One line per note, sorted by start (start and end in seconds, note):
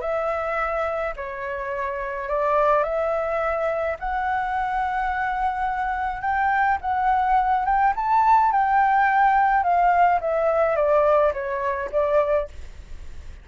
0.00 1.13 E5
1.16 2.28 C#5
2.28 2.83 D5
2.83 3.96 E5
3.99 6.21 F#5
6.21 6.77 G5
6.81 7.65 F#5
7.65 7.93 G5
7.96 8.52 A5
8.52 9.63 G5
9.63 10.19 F5
10.20 10.75 E5
10.75 11.32 D5
11.33 11.90 C#5
11.91 12.48 D5